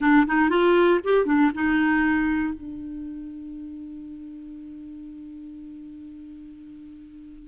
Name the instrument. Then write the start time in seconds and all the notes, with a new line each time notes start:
clarinet
0.00 D4
0.27 D#4
0.49 F4
1.04 G4
1.25 D4
1.54 D#4
2.54 D4